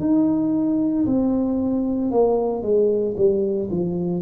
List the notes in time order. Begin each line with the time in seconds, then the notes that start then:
0.00 D#4
1.06 C4
2.11 A#3
2.62 G#3
3.16 G3
3.70 F3